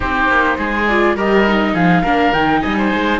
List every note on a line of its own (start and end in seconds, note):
0.00 0.28 C4
0.00 0.86 D#4
0.00 0.58 G4
0.00 0.87 C5
0.28 0.57 A#3
0.58 1.15 G#3
0.58 1.16 G#4
0.87 1.17 F4
0.87 1.16 D5
1.15 1.73 G3
1.15 1.46 G4
1.15 1.73 A#4
1.15 1.74 D#5
1.47 2.04 D#4
1.73 2.03 F3
1.73 2.01 G#4
1.73 2.32 F5
2.01 2.33 A#3
2.01 2.33 D4
2.01 2.60 A#4
2.33 2.62 D#3
2.33 3.20 D#4
2.33 2.61 G5
2.61 2.93 G3
2.61 2.76 D#5
2.61 3.19 G#5
2.77 3.20 C5
2.93 3.20 G#3